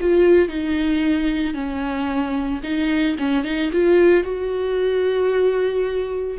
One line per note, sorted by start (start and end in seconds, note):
0.00 0.48 F4
0.48 1.54 D#4
1.54 2.61 C#4
2.63 3.17 D#4
3.19 3.44 C#4
3.44 3.71 D#4
3.72 4.24 F4
4.24 6.38 F#4